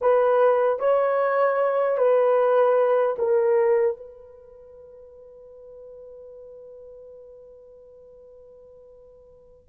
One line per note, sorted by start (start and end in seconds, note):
0.01 0.79 B4
0.79 1.97 C#5
1.97 3.16 B4
3.18 3.97 A#4
3.97 9.69 B4